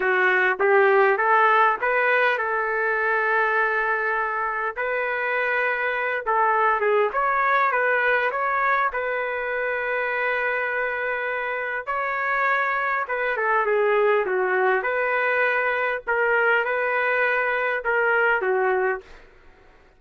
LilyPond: \new Staff \with { instrumentName = "trumpet" } { \time 4/4 \tempo 4 = 101 fis'4 g'4 a'4 b'4 | a'1 | b'2~ b'8 a'4 gis'8 | cis''4 b'4 cis''4 b'4~ |
b'1 | cis''2 b'8 a'8 gis'4 | fis'4 b'2 ais'4 | b'2 ais'4 fis'4 | }